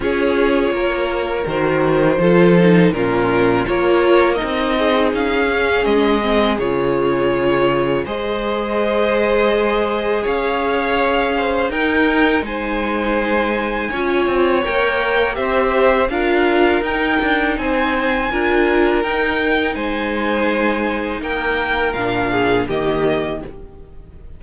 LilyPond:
<<
  \new Staff \with { instrumentName = "violin" } { \time 4/4 \tempo 4 = 82 cis''2 c''2 | ais'4 cis''4 dis''4 f''4 | dis''4 cis''2 dis''4~ | dis''2 f''2 |
g''4 gis''2. | g''4 e''4 f''4 g''4 | gis''2 g''4 gis''4~ | gis''4 g''4 f''4 dis''4 | }
  \new Staff \with { instrumentName = "violin" } { \time 4/4 gis'4 ais'2 a'4 | f'4 ais'4. gis'4.~ | gis'2. c''4~ | c''2 cis''4. c''8 |
ais'4 c''2 cis''4~ | cis''4 c''4 ais'2 | c''4 ais'2 c''4~ | c''4 ais'4. gis'8 g'4 | }
  \new Staff \with { instrumentName = "viola" } { \time 4/4 f'2 fis'4 f'8 dis'8 | cis'4 f'4 dis'4. cis'8~ | cis'8 c'8 f'2 gis'4~ | gis'1 |
dis'2. f'4 | ais'4 g'4 f'4 dis'4~ | dis'4 f'4 dis'2~ | dis'2 d'4 ais4 | }
  \new Staff \with { instrumentName = "cello" } { \time 4/4 cis'4 ais4 dis4 f4 | ais,4 ais4 c'4 cis'4 | gis4 cis2 gis4~ | gis2 cis'2 |
dis'4 gis2 cis'8 c'8 | ais4 c'4 d'4 dis'8 d'8 | c'4 d'4 dis'4 gis4~ | gis4 ais4 ais,4 dis4 | }
>>